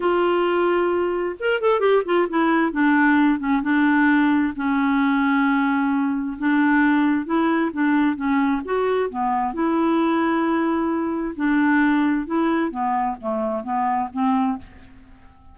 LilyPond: \new Staff \with { instrumentName = "clarinet" } { \time 4/4 \tempo 4 = 132 f'2. ais'8 a'8 | g'8 f'8 e'4 d'4. cis'8 | d'2 cis'2~ | cis'2 d'2 |
e'4 d'4 cis'4 fis'4 | b4 e'2.~ | e'4 d'2 e'4 | b4 a4 b4 c'4 | }